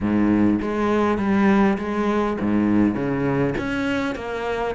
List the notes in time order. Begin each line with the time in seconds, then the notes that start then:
0.00 G#2
0.61 G#3
1.18 G3
1.77 G#3
2.40 G#2
2.95 C#3
3.58 C#4
4.15 A#3